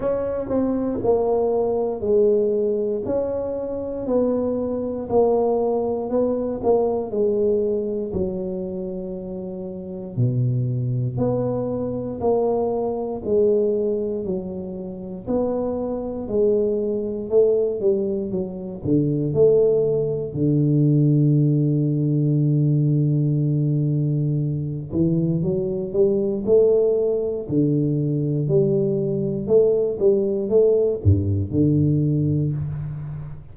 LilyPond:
\new Staff \with { instrumentName = "tuba" } { \time 4/4 \tempo 4 = 59 cis'8 c'8 ais4 gis4 cis'4 | b4 ais4 b8 ais8 gis4 | fis2 b,4 b4 | ais4 gis4 fis4 b4 |
gis4 a8 g8 fis8 d8 a4 | d1~ | d8 e8 fis8 g8 a4 d4 | g4 a8 g8 a8 g,8 d4 | }